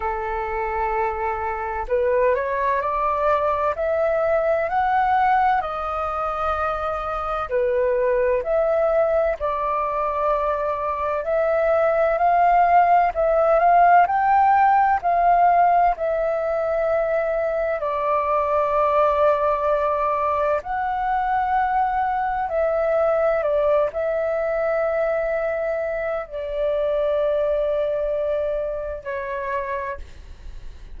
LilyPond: \new Staff \with { instrumentName = "flute" } { \time 4/4 \tempo 4 = 64 a'2 b'8 cis''8 d''4 | e''4 fis''4 dis''2 | b'4 e''4 d''2 | e''4 f''4 e''8 f''8 g''4 |
f''4 e''2 d''4~ | d''2 fis''2 | e''4 d''8 e''2~ e''8 | d''2. cis''4 | }